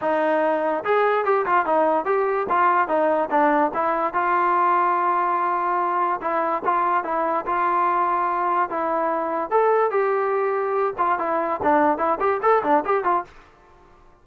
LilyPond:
\new Staff \with { instrumentName = "trombone" } { \time 4/4 \tempo 4 = 145 dis'2 gis'4 g'8 f'8 | dis'4 g'4 f'4 dis'4 | d'4 e'4 f'2~ | f'2. e'4 |
f'4 e'4 f'2~ | f'4 e'2 a'4 | g'2~ g'8 f'8 e'4 | d'4 e'8 g'8 a'8 d'8 g'8 f'8 | }